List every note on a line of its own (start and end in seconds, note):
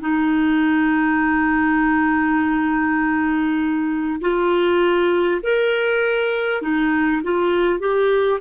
0.00 4.20 D#4
4.21 5.41 F4
5.43 6.62 A#4
6.62 7.22 D#4
7.23 7.79 F4
7.79 8.39 G4